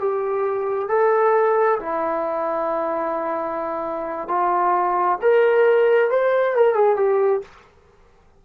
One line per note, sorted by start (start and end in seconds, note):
0.00 0.89 G4
0.89 1.79 A4
1.80 4.28 E4
4.28 5.19 F4
5.22 6.11 A#4
6.11 6.56 C5
6.56 6.75 A#4
6.75 6.97 G#4
6.97 7.42 G4